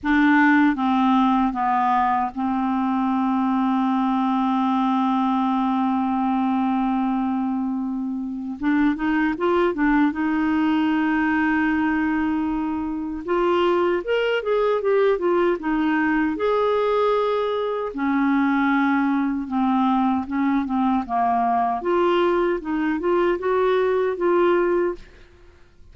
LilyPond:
\new Staff \with { instrumentName = "clarinet" } { \time 4/4 \tempo 4 = 77 d'4 c'4 b4 c'4~ | c'1~ | c'2. d'8 dis'8 | f'8 d'8 dis'2.~ |
dis'4 f'4 ais'8 gis'8 g'8 f'8 | dis'4 gis'2 cis'4~ | cis'4 c'4 cis'8 c'8 ais4 | f'4 dis'8 f'8 fis'4 f'4 | }